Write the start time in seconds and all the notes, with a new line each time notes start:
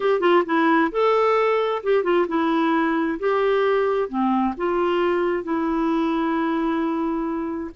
0.00 G4
0.20 F4
0.45 E4
0.91 A4
1.83 G4
2.03 F4
2.27 E4
3.19 G4
4.08 C4
4.57 F4
5.43 E4